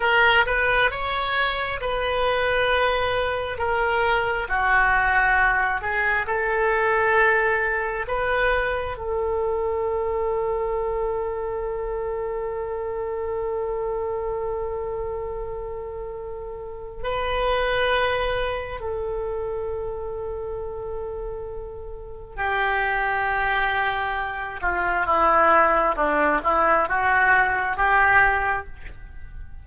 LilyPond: \new Staff \with { instrumentName = "oboe" } { \time 4/4 \tempo 4 = 67 ais'8 b'8 cis''4 b'2 | ais'4 fis'4. gis'8 a'4~ | a'4 b'4 a'2~ | a'1~ |
a'2. b'4~ | b'4 a'2.~ | a'4 g'2~ g'8 f'8 | e'4 d'8 e'8 fis'4 g'4 | }